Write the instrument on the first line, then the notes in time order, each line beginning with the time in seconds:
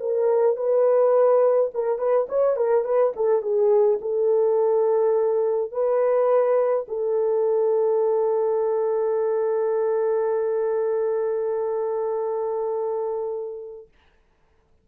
horn
0.00 A#4
0.57 B4
1.74 A#4
1.99 B4
2.29 C#5
2.57 A#4
2.84 B4
3.16 A4
3.42 G#4
4.02 A4
5.72 B4
6.88 A4